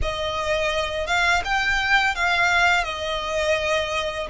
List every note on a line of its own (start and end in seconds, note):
0.02 1.06 D#5
1.06 1.42 F5
1.44 2.15 G5
2.15 2.84 F5
2.84 4.27 D#5